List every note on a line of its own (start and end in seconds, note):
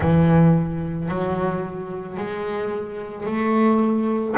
0.00 1.08 E3
1.08 2.17 F#3
2.17 3.26 G#3
3.26 4.35 A3